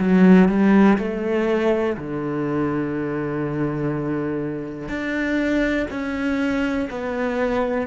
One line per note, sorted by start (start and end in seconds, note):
0.00 0.49 F#3
0.49 0.98 G3
0.99 1.97 A3
1.97 4.89 D3
4.89 5.87 D4
5.91 6.89 C#4
6.91 7.87 B3